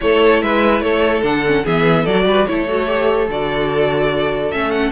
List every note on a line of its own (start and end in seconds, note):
0.00 0.42 A3
0.00 1.22 E4
0.00 0.43 A4
0.00 0.41 C#5
0.41 0.80 G#3
0.41 0.83 B4
0.41 0.81 E5
0.80 1.21 A3
0.80 1.64 A4
0.80 1.22 C#5
1.22 1.63 D3
1.22 1.43 D4
1.22 1.65 F#5
1.46 1.65 C#4
1.64 2.06 E3
1.64 2.06 B3
1.64 2.03 G#4
1.64 2.05 E5
2.03 2.24 F#3
2.03 2.23 A4
2.03 2.46 D5
2.09 2.47 F#4
2.24 2.45 G3
2.24 2.48 B4
2.46 3.28 A3
2.46 2.68 E4
2.46 4.91 A4
2.46 3.29 C#5
2.68 2.86 F#4
2.86 3.27 G4
3.28 4.51 D3
3.28 4.51 F#4
3.28 4.51 D5
4.51 4.91 A3
4.51 4.91 C#4
4.51 4.70 E5
4.70 4.91 F#5